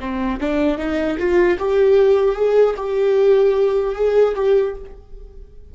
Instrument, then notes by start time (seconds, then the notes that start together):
viola
0.00 C4
0.40 D4
0.78 D#4
1.18 F4
1.58 G4
2.35 G#4
2.76 G4
3.94 G#4
4.35 G4